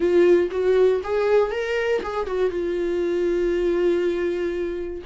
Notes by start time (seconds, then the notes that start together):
0.00 F4
0.51 F#4
1.03 G#4
1.51 A#4
2.02 G#4
2.26 F#4
2.50 F4